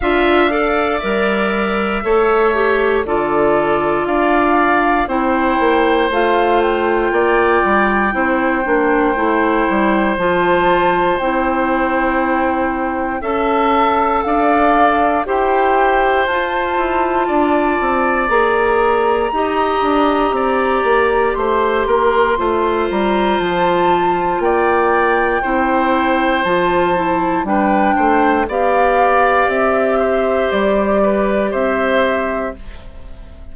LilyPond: <<
  \new Staff \with { instrumentName = "flute" } { \time 4/4 \tempo 4 = 59 f''4 e''2 d''4 | f''4 g''4 f''8 g''4.~ | g''2 a''4 g''4~ | g''4 a''4 f''4 g''4 |
a''2 ais''2~ | ais''4 c'''4. ais''8 a''4 | g''2 a''4 g''4 | f''4 e''4 d''4 e''4 | }
  \new Staff \with { instrumentName = "oboe" } { \time 4/4 e''8 d''4. cis''4 a'4 | d''4 c''2 d''4 | c''1~ | c''4 e''4 d''4 c''4~ |
c''4 d''2 dis''4 | d''4 c''8 ais'8 c''2 | d''4 c''2 b'8 c''8 | d''4. c''4 b'8 c''4 | }
  \new Staff \with { instrumentName = "clarinet" } { \time 4/4 f'8 a'8 ais'4 a'8 g'8 f'4~ | f'4 e'4 f'2 | e'8 d'8 e'4 f'4 e'4~ | e'4 a'2 g'4 |
f'2 gis'4 g'4~ | g'2 f'2~ | f'4 e'4 f'8 e'8 d'4 | g'1 | }
  \new Staff \with { instrumentName = "bassoon" } { \time 4/4 d'4 g4 a4 d4 | d'4 c'8 ais8 a4 ais8 g8 | c'8 ais8 a8 g8 f4 c'4~ | c'4 cis'4 d'4 e'4 |
f'8 e'8 d'8 c'8 ais4 dis'8 d'8 | c'8 ais8 a8 ais8 a8 g8 f4 | ais4 c'4 f4 g8 a8 | b4 c'4 g4 c'4 | }
>>